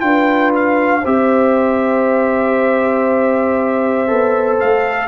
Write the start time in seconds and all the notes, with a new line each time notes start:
0.00 D4 F4 B4 G5
0.56 F5
1.01 C4 G4 C5 E5
4.07 B3 A4
4.60 A3 F5